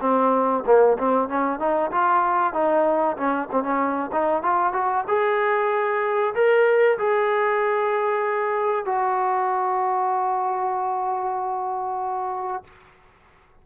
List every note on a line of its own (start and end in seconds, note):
0.00 0.63 C4
0.65 0.97 A#3
0.98 1.28 C4
1.28 1.59 C#4
1.59 1.90 D#4
1.91 2.53 F4
2.53 3.16 D#4
3.17 3.48 C#4
3.51 3.63 C4
3.63 4.10 C#4
4.12 4.42 D#4
4.42 4.73 F4
4.73 5.04 F#4
5.07 6.34 G#4
6.34 6.97 A#4
6.98 8.85 G#4
8.85 12.64 F#4